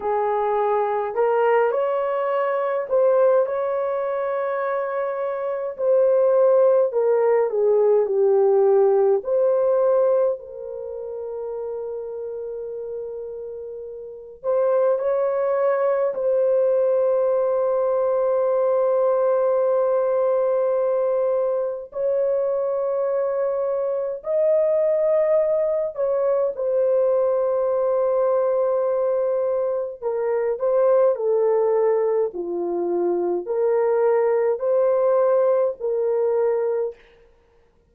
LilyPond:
\new Staff \with { instrumentName = "horn" } { \time 4/4 \tempo 4 = 52 gis'4 ais'8 cis''4 c''8 cis''4~ | cis''4 c''4 ais'8 gis'8 g'4 | c''4 ais'2.~ | ais'8 c''8 cis''4 c''2~ |
c''2. cis''4~ | cis''4 dis''4. cis''8 c''4~ | c''2 ais'8 c''8 a'4 | f'4 ais'4 c''4 ais'4 | }